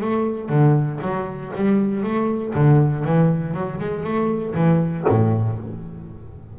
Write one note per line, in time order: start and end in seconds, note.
0.00 0.49 A3
0.49 0.99 D3
1.01 1.52 F#3
1.55 2.03 G3
2.03 2.53 A3
2.54 3.04 D3
3.04 3.54 E3
3.54 3.79 F#3
3.80 4.03 G#3
4.03 4.54 A3
4.54 5.04 E3
5.09 5.59 A2